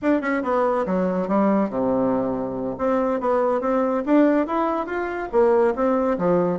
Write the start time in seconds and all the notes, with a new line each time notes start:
0.01 D4
0.21 C#4
0.43 B3
0.85 F#3
1.28 G3
1.69 C3
2.78 C4
3.20 B3
3.61 C4
4.05 D4
4.46 E4
4.86 F4
5.32 A#3
5.75 C4
6.18 F3